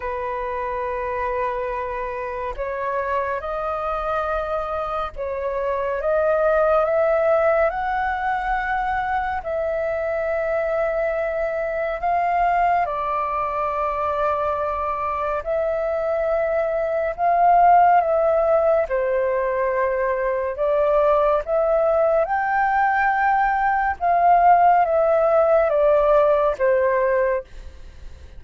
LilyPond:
\new Staff \with { instrumentName = "flute" } { \time 4/4 \tempo 4 = 70 b'2. cis''4 | dis''2 cis''4 dis''4 | e''4 fis''2 e''4~ | e''2 f''4 d''4~ |
d''2 e''2 | f''4 e''4 c''2 | d''4 e''4 g''2 | f''4 e''4 d''4 c''4 | }